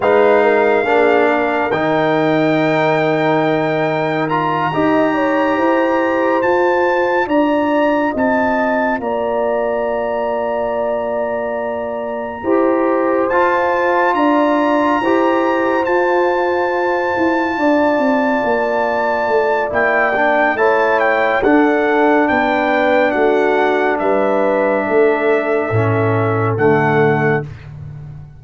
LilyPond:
<<
  \new Staff \with { instrumentName = "trumpet" } { \time 4/4 \tempo 4 = 70 f''2 g''2~ | g''4 ais''2~ ais''8 a''8~ | a''8 ais''4 a''4 ais''4.~ | ais''2.~ ais''8 a''8~ |
a''8 ais''2 a''4.~ | a''2. g''4 | a''8 g''8 fis''4 g''4 fis''4 | e''2. fis''4 | }
  \new Staff \with { instrumentName = "horn" } { \time 4/4 b'8 ais'8 gis'8 ais'2~ ais'8~ | ais'4. dis''8 cis''8 c''4.~ | c''8 d''4 dis''4 d''4.~ | d''2~ d''8 c''4.~ |
c''8 d''4 c''2~ c''8~ | c''8 d''2.~ d''8 | cis''4 a'4 b'4 fis'4 | b'4 a'2. | }
  \new Staff \with { instrumentName = "trombone" } { \time 4/4 dis'4 d'4 dis'2~ | dis'4 f'8 g'2 f'8~ | f'1~ | f'2~ f'8 g'4 f'8~ |
f'4. g'4 f'4.~ | f'2. e'8 d'8 | e'4 d'2.~ | d'2 cis'4 a4 | }
  \new Staff \with { instrumentName = "tuba" } { \time 4/4 gis4 ais4 dis2~ | dis4. dis'4 e'4 f'8~ | f'8 d'4 c'4 ais4.~ | ais2~ ais8 e'4 f'8~ |
f'8 d'4 e'4 f'4. | e'8 d'8 c'8 ais4 a8 ais4 | a4 d'4 b4 a4 | g4 a4 a,4 d4 | }
>>